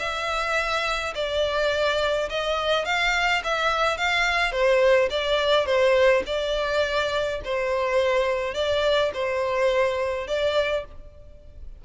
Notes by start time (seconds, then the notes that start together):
0.00 E5
1.15 D5
2.30 D#5
2.85 F5
3.44 E5
3.98 F5
4.52 C5
5.11 D5
5.66 C5
6.27 D5
7.45 C5
8.55 D5
9.15 C5
10.28 D5